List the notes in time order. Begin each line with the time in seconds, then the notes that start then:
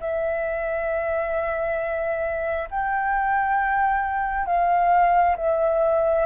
0.00 E5
2.71 G5
4.46 F5
5.36 E5